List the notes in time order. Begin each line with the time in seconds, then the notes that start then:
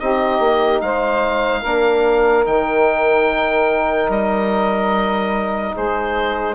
0.00 C4 D#4 G4 D#5
0.40 A#3
0.81 G#3 C5 F5
1.61 A#3 D4 A#4
2.45 D#3 D#4 G5
4.09 G3 D#5
5.75 G#3 G#4 C5